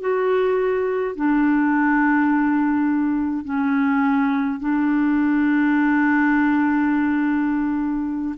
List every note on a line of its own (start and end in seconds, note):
0.00 1.15 F#4
1.15 3.44 D4
3.44 4.59 C#4
4.59 8.34 D4